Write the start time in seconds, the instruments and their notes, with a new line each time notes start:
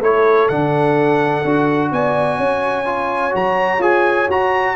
0.00 tuba A3, trombone E4, horn A4, trumpet C#5
0.48 tuba D3, trombone D4, trumpet F#5
1.44 tuba D4, trombone F#4
1.92 tuba B3, horn D5, trumpet G#5
2.38 tuba C#4, horn C#5
2.85 trombone F4
3.31 tuba F#3, trombone F#4, trumpet A#5
3.79 tuba F4, trombone G#4, trumpet G#5
4.28 tuba F#4, trombone F#4, trumpet A#5